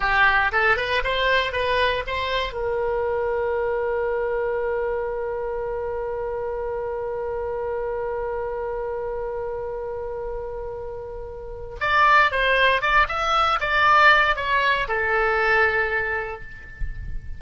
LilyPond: \new Staff \with { instrumentName = "oboe" } { \time 4/4 \tempo 4 = 117 g'4 a'8 b'8 c''4 b'4 | c''4 ais'2.~ | ais'1~ | ais'1~ |
ais'1~ | ais'2. d''4 | c''4 d''8 e''4 d''4. | cis''4 a'2. | }